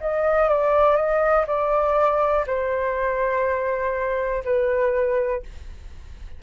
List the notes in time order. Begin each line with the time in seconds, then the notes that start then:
0.00 D#5
0.49 D5
0.96 D#5
1.47 D5
2.47 C5
4.44 B4